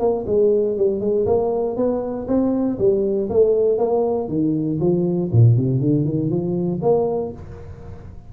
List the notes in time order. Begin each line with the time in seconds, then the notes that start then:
0.00 A#3
0.27 G#3
0.77 G3
1.01 G#3
1.27 A#3
1.77 B3
2.28 C4
2.79 G3
3.30 A3
3.78 A#3
4.29 D#3
4.80 F3
5.33 A#2
5.57 C3
5.81 D3
6.05 D#3
6.30 F3
6.82 A#3